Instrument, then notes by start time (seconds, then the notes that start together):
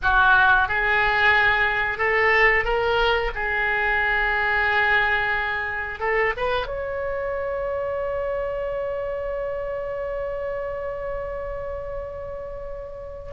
oboe
0.02 F#4
0.68 G#4
1.98 A4
2.64 A#4
3.35 G#4
5.99 A4
6.37 B4
6.67 C#5